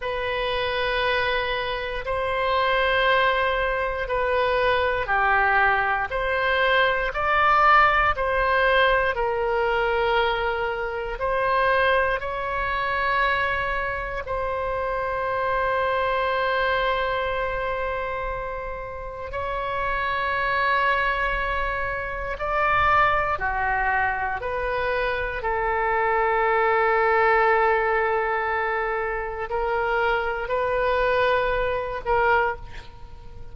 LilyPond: \new Staff \with { instrumentName = "oboe" } { \time 4/4 \tempo 4 = 59 b'2 c''2 | b'4 g'4 c''4 d''4 | c''4 ais'2 c''4 | cis''2 c''2~ |
c''2. cis''4~ | cis''2 d''4 fis'4 | b'4 a'2.~ | a'4 ais'4 b'4. ais'8 | }